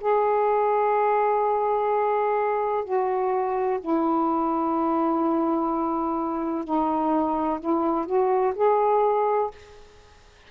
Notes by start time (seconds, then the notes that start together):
0.00 G#4
2.84 F#4
3.81 E4
6.64 D#4
7.60 E4
8.06 F#4
8.55 G#4